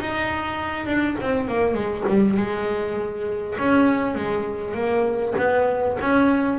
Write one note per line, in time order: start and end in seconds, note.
0.00 0.86 D#4
0.86 1.16 D4
1.21 1.48 C4
1.48 1.74 A#3
1.74 2.04 G#3
2.08 2.37 G3
2.37 3.57 G#3
3.58 4.15 C#4
4.15 4.74 G#3
4.74 5.34 A#3
5.38 5.98 B3
6.01 6.59 C#4